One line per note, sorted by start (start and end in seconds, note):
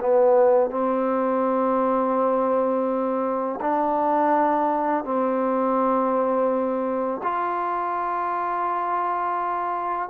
0.00 0.71 B3
0.71 3.60 C4
3.61 5.04 D4
5.04 7.21 C4
7.23 10.09 F4